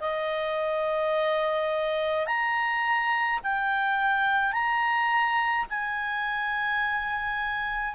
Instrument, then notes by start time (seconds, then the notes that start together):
clarinet
0.00 D#5
2.26 A#5
3.43 G5
4.52 A#5
5.69 G#5